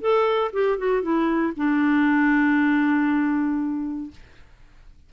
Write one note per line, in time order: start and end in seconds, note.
0.00 0.51 A4
0.52 0.77 G4
0.77 1.02 F#4
1.02 1.53 E4
1.56 4.10 D4